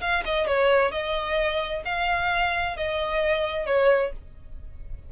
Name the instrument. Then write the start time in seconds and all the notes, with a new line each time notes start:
violin
0.00 F5
0.25 D#5
0.47 C#5
0.91 D#5
1.85 F5
2.76 D#5
3.66 C#5